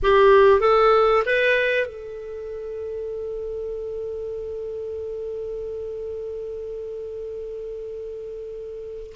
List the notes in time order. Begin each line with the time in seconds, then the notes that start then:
0.02 G4
0.60 A4
1.25 B4
1.86 A4